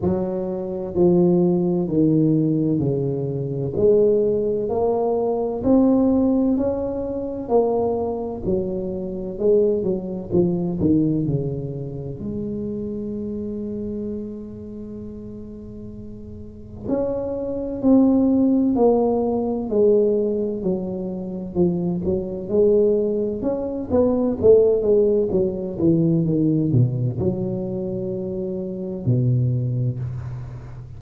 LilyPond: \new Staff \with { instrumentName = "tuba" } { \time 4/4 \tempo 4 = 64 fis4 f4 dis4 cis4 | gis4 ais4 c'4 cis'4 | ais4 fis4 gis8 fis8 f8 dis8 | cis4 gis2.~ |
gis2 cis'4 c'4 | ais4 gis4 fis4 f8 fis8 | gis4 cis'8 b8 a8 gis8 fis8 e8 | dis8 b,8 fis2 b,4 | }